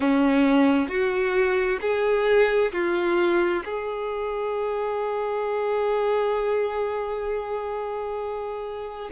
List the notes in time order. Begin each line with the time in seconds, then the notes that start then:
0.00 C#4
0.88 F#4
1.81 G#4
2.72 F4
3.64 G#4